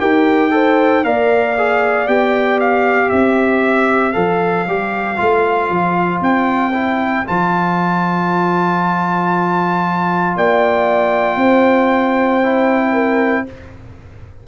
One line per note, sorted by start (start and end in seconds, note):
0.00 1.04 D#4
0.00 0.51 G4
0.00 0.52 A#4
0.00 1.04 G5
0.51 1.03 A4
0.51 1.05 C5
1.04 2.08 A#3
1.04 1.56 A#4
1.04 3.09 D5
1.04 2.08 F5
1.58 2.07 G#4
2.07 3.11 B3
2.07 4.13 G4
2.07 2.59 G5
2.60 3.09 F5
3.09 4.16 C4
3.09 10.33 C5
3.09 4.12 E5
4.12 4.67 F3
4.12 4.65 A4
4.12 6.19 F5
4.67 5.19 G3
4.67 5.17 G4
5.17 5.70 A3
5.17 6.72 F4
5.70 6.21 F3
6.21 7.25 C4
6.21 7.27 G5
6.73 7.25 E4
7.26 10.36 F3
7.26 12.43 F4
7.26 10.37 A5
10.36 11.36 A#3
10.36 11.39 D5
10.36 13.47 G5
11.36 13.43 C4
11.36 12.93 C5
12.43 13.47 E4
12.93 13.45 A#4